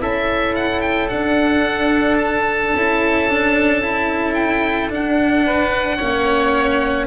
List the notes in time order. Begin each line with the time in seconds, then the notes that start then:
0.00 C#4 E4 A4 E5
0.55 F#5
0.81 G5
1.09 D4 F#5
2.18 A5
2.74 C#4 E4
3.29 D4
3.82 E4
4.35 G5
4.90 D4 F#5
5.47 B4
5.97 A#3 C#4 C#5